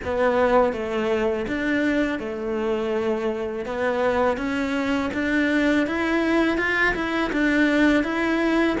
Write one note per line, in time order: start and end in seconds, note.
0.04 0.72 B3
0.72 1.45 A3
1.47 2.19 D4
2.19 3.65 A3
3.66 4.37 B3
4.37 5.10 C#4
5.13 5.86 D4
5.86 6.57 E4
6.57 6.94 F4
6.94 7.31 E4
7.32 8.03 D4
8.03 8.76 E4